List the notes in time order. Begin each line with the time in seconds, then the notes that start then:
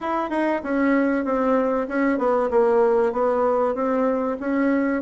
0.00 E4
0.30 D#4
0.63 C#4
1.24 C4
1.88 C#4
2.18 B3
2.50 A#3
3.12 B3
3.74 C4
4.39 C#4